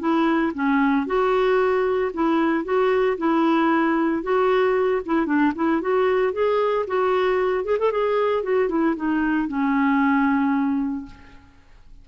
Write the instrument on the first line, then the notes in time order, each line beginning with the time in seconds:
clarinet
0.00 E4
0.54 C#4
1.07 F#4
2.14 E4
2.65 F#4
3.18 E4
4.23 F#4
5.06 E4
5.27 D4
5.56 E4
5.82 F#4
6.33 G#4
6.88 F#4
7.65 G#4
7.79 A4
7.92 G#4
8.44 F#4
8.69 E4
8.96 D#4
9.48 C#4